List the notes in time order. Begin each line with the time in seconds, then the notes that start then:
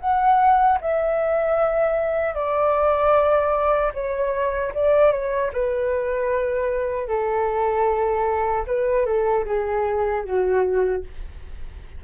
0.00 F#5
0.81 E5
2.35 D5
3.94 C#5
4.74 D5
5.12 C#5
5.53 B4
7.08 A4
8.67 B4
9.06 A4
9.46 G#4
10.25 F#4